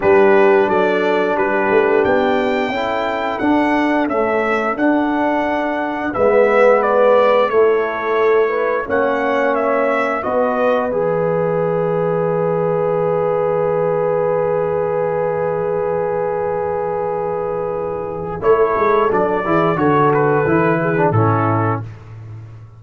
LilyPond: <<
  \new Staff \with { instrumentName = "trumpet" } { \time 4/4 \tempo 4 = 88 b'4 d''4 b'4 g''4~ | g''4 fis''4 e''4 fis''4~ | fis''4 e''4 d''4 cis''4~ | cis''4 fis''4 e''4 dis''4 |
e''1~ | e''1~ | e''2. cis''4 | d''4 cis''8 b'4. a'4 | }
  \new Staff \with { instrumentName = "horn" } { \time 4/4 g'4 a'4 g'2 | a'1~ | a'4 b'2 a'4~ | a'8 b'8 cis''2 b'4~ |
b'1~ | b'1~ | b'2. a'4~ | a'8 gis'8 a'4. gis'8 e'4 | }
  \new Staff \with { instrumentName = "trombone" } { \time 4/4 d'1 | e'4 d'4 a4 d'4~ | d'4 b2 e'4~ | e'4 cis'2 fis'4 |
gis'1~ | gis'1~ | gis'2. e'4 | d'8 e'8 fis'4 e'8. d'16 cis'4 | }
  \new Staff \with { instrumentName = "tuba" } { \time 4/4 g4 fis4 g8 a8 b4 | cis'4 d'4 cis'4 d'4~ | d'4 gis2 a4~ | a4 ais2 b4 |
e1~ | e1~ | e2. a8 gis8 | fis8 e8 d4 e4 a,4 | }
>>